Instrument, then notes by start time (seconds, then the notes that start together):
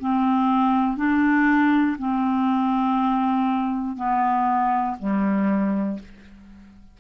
clarinet
0.00 C4
0.97 D4
1.99 C4
3.97 B3
4.99 G3